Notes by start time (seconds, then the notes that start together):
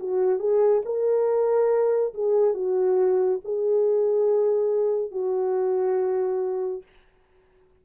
0.00 F#4
0.40 G#4
0.86 A#4
2.14 G#4
2.55 F#4
3.45 G#4
5.12 F#4